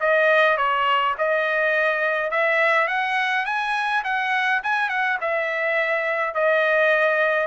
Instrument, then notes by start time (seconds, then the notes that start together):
trumpet
0.00 D#5
0.57 C#5
1.18 D#5
2.31 E5
2.88 F#5
3.45 G#5
4.04 F#5
4.63 G#5
4.89 F#5
5.21 E5
6.34 D#5